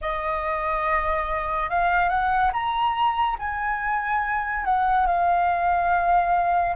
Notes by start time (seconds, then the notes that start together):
0.01 D#5
1.69 F5
2.09 F#5
2.52 A#5
3.38 G#5
4.64 F#5
5.06 F5